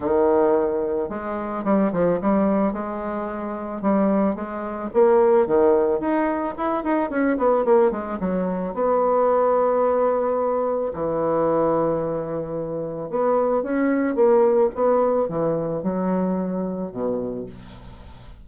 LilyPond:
\new Staff \with { instrumentName = "bassoon" } { \time 4/4 \tempo 4 = 110 dis2 gis4 g8 f8 | g4 gis2 g4 | gis4 ais4 dis4 dis'4 | e'8 dis'8 cis'8 b8 ais8 gis8 fis4 |
b1 | e1 | b4 cis'4 ais4 b4 | e4 fis2 b,4 | }